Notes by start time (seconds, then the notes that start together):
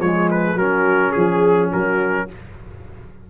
0.00 F3 G#3 G#4 C#5
0.31 B4
0.55 F#3 C#4 F#4 A#4
1.12 F3 G#4
1.71 F#3 F#4 A#4